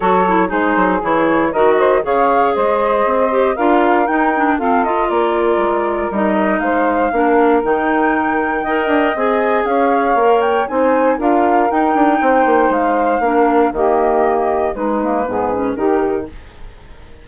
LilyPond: <<
  \new Staff \with { instrumentName = "flute" } { \time 4/4 \tempo 4 = 118 cis''4 c''4 cis''4 dis''4 | f''4 dis''2 f''4 | g''4 f''8 dis''8 d''2 | dis''4 f''2 g''4~ |
g''2 gis''4 f''4~ | f''8 g''8 gis''4 f''4 g''4~ | g''4 f''2 dis''4~ | dis''4 b'2 ais'4 | }
  \new Staff \with { instrumentName = "saxophone" } { \time 4/4 a'4 gis'2 ais'8 c''8 | cis''4 c''2 ais'4~ | ais'4 a'4 ais'2~ | ais'4 c''4 ais'2~ |
ais'4 dis''2 cis''4~ | cis''4 c''4 ais'2 | c''2 ais'4 g'4~ | g'4 dis'4 gis'4 g'4 | }
  \new Staff \with { instrumentName = "clarinet" } { \time 4/4 fis'8 e'8 dis'4 e'4 fis'4 | gis'2~ gis'8 g'8 f'4 | dis'8 d'8 c'8 f'2~ f'8 | dis'2 d'4 dis'4~ |
dis'4 ais'4 gis'2 | ais'4 dis'4 f'4 dis'4~ | dis'2 d'4 ais4~ | ais4 gis8 ais8 b8 cis'8 dis'4 | }
  \new Staff \with { instrumentName = "bassoon" } { \time 4/4 fis4 gis8 fis8 e4 dis4 | cis4 gis4 c'4 d'4 | dis'4 f'4 ais4 gis4 | g4 gis4 ais4 dis4~ |
dis4 dis'8 d'8 c'4 cis'4 | ais4 c'4 d'4 dis'8 d'8 | c'8 ais8 gis4 ais4 dis4~ | dis4 gis4 gis,4 dis4 | }
>>